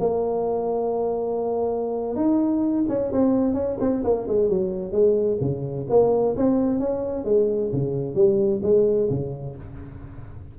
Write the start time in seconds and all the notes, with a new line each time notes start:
0.00 A#3
2.16 D#4
2.89 C#4
3.12 C4
3.54 C#4
3.81 C4
4.04 A#3
4.28 G#3
4.49 F#3
4.92 G#3
5.41 C#3
5.90 A#3
6.37 C4
6.80 C#4
7.25 G#3
7.73 C#3
8.15 G3
8.63 G#3
9.10 C#3